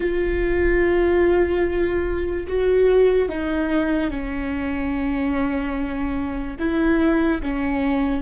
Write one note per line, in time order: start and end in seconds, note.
0.00 2.47 F4
2.47 3.29 F#4
3.29 4.10 D#4
4.10 6.57 C#4
6.59 7.41 E4
7.42 8.21 C#4